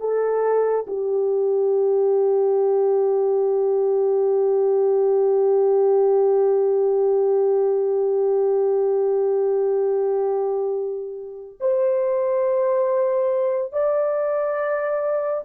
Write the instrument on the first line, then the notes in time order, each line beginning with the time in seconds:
horn
0.00 A4
0.87 G4
11.60 C5
13.73 D5